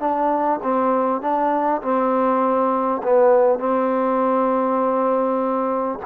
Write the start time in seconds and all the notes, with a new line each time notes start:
0.00 D4
0.63 C4
1.22 D4
1.82 C4
3.03 B3
3.59 C4